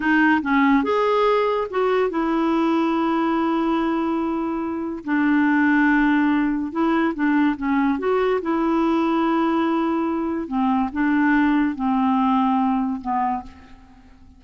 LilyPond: \new Staff \with { instrumentName = "clarinet" } { \time 4/4 \tempo 4 = 143 dis'4 cis'4 gis'2 | fis'4 e'2.~ | e'1 | d'1 |
e'4 d'4 cis'4 fis'4 | e'1~ | e'4 c'4 d'2 | c'2. b4 | }